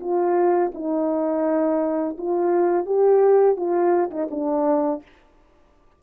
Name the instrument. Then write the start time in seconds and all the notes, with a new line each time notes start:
horn
0.00 F4
0.74 D#4
2.18 F4
2.85 G4
3.56 F4
4.10 D#4
4.31 D4